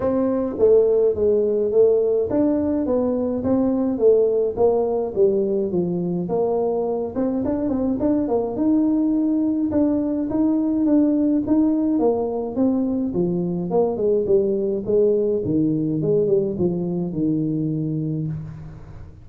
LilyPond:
\new Staff \with { instrumentName = "tuba" } { \time 4/4 \tempo 4 = 105 c'4 a4 gis4 a4 | d'4 b4 c'4 a4 | ais4 g4 f4 ais4~ | ais8 c'8 d'8 c'8 d'8 ais8 dis'4~ |
dis'4 d'4 dis'4 d'4 | dis'4 ais4 c'4 f4 | ais8 gis8 g4 gis4 dis4 | gis8 g8 f4 dis2 | }